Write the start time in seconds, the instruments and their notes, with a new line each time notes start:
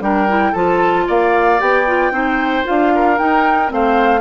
0.00 bassoon G3, clarinet D4, oboe A#4, flute G5
0.28 clarinet E4
0.52 bassoon F3, clarinet F4, oboe A4, flute A5
1.07 bassoon A#3, oboe D5, flute F5
1.59 bassoon B3, clarinet G4, flute G5
1.87 clarinet F4
2.11 bassoon C4, clarinet D#4, oboe C5
2.64 bassoon D4, clarinet F4, flute F5
2.95 oboe A#4
3.18 clarinet D#4, bassoon D#4, flute G5
3.67 bassoon A3, clarinet C4, oboe C5, flute F5